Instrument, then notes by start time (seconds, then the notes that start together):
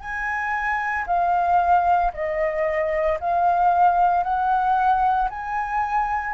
flute
0.00 G#5
1.06 F5
2.13 D#5
3.20 F5
4.23 F#5
5.30 G#5